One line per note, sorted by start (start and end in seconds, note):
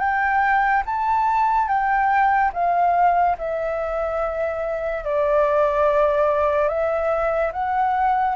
0.00 0.83 G5
0.86 1.69 A5
1.69 2.52 G5
2.54 3.37 F5
3.38 5.05 E5
5.05 6.69 D5
6.69 7.52 E5
7.53 8.36 F#5